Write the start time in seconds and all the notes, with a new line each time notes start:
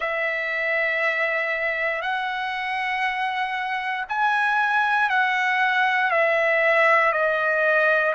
0.00 E5
2.01 F#5
4.08 G#5
5.09 F#5
6.10 E5
7.12 D#5